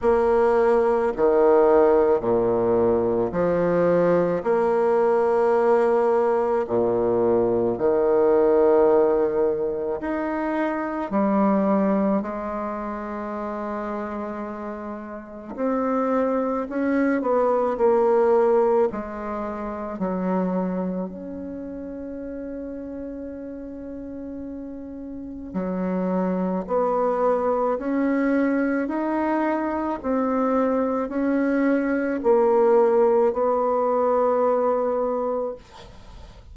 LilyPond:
\new Staff \with { instrumentName = "bassoon" } { \time 4/4 \tempo 4 = 54 ais4 dis4 ais,4 f4 | ais2 ais,4 dis4~ | dis4 dis'4 g4 gis4~ | gis2 c'4 cis'8 b8 |
ais4 gis4 fis4 cis'4~ | cis'2. fis4 | b4 cis'4 dis'4 c'4 | cis'4 ais4 b2 | }